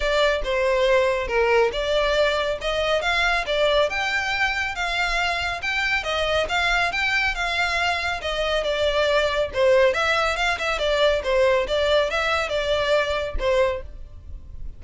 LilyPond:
\new Staff \with { instrumentName = "violin" } { \time 4/4 \tempo 4 = 139 d''4 c''2 ais'4 | d''2 dis''4 f''4 | d''4 g''2 f''4~ | f''4 g''4 dis''4 f''4 |
g''4 f''2 dis''4 | d''2 c''4 e''4 | f''8 e''8 d''4 c''4 d''4 | e''4 d''2 c''4 | }